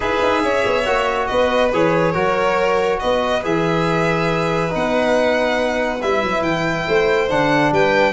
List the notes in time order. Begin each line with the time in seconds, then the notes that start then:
0.00 E4 G#4 B4 E5
0.22 D#4
0.43 C#4 C#5
0.65 B3
0.85 A#3 F#4
1.26 B3 B4 D#5
1.72 E3 G#4 C#5
2.12 F#3 F#4 A#4
2.99 B3 B4 D#5
3.43 E3 G#4 E5
4.70 B3 D#4 F#5
6.01 G3 E4 E5
6.22 F#3
6.42 E3 G5
6.87 A3 C5
7.29 D3 D4 F#5
7.71 G3 B4 G5